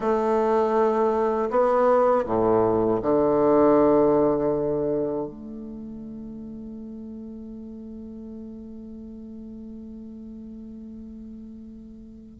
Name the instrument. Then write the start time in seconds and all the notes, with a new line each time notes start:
bassoon
0.00 A3
1.50 B3
2.25 A2
3.01 D3
5.26 A3